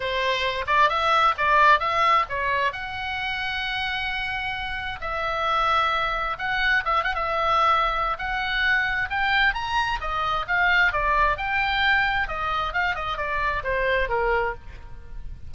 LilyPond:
\new Staff \with { instrumentName = "oboe" } { \time 4/4 \tempo 4 = 132 c''4. d''8 e''4 d''4 | e''4 cis''4 fis''2~ | fis''2. e''4~ | e''2 fis''4 e''8 fis''16 e''16~ |
e''2 fis''2 | g''4 ais''4 dis''4 f''4 | d''4 g''2 dis''4 | f''8 dis''8 d''4 c''4 ais'4 | }